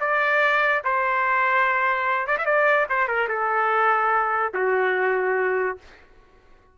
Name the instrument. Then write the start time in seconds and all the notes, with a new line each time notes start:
trumpet
0.00 D5
0.84 C5
2.27 D5
2.38 E5
2.45 D5
2.89 C5
3.07 A#4
3.28 A4
4.53 F#4